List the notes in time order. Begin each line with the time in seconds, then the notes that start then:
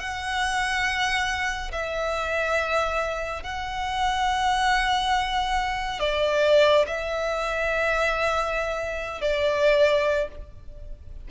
0.00 F#5
1.72 E5
3.43 F#5
6.00 D5
6.87 E5
9.21 D5